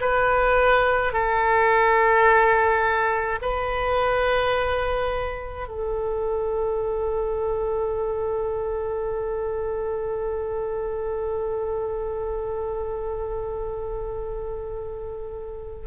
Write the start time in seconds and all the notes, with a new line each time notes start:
0.00 B4
1.12 A4
3.41 B4
5.68 A4